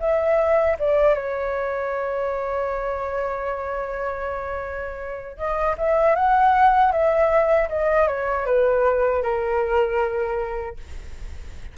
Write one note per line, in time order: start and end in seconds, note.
0.00 0.77 E5
0.79 1.14 D5
1.14 5.37 C#5
5.37 5.76 D#5
5.78 6.15 E5
6.15 6.92 F#5
6.92 7.69 E5
7.69 8.07 D#5
8.07 8.46 C#5
8.46 9.23 B4
9.23 10.77 A#4